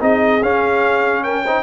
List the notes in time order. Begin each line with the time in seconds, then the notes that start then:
0.00 C4 D#4 G#4 D#5
0.42 C#4 F5
1.24 A#4 G5
1.45 D#4 C5